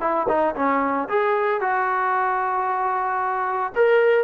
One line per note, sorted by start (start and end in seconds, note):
0.00 0.27 E4
0.28 0.55 D#4
0.55 1.08 C#4
1.08 1.60 G#4
1.60 3.73 F#4
3.75 4.24 A#4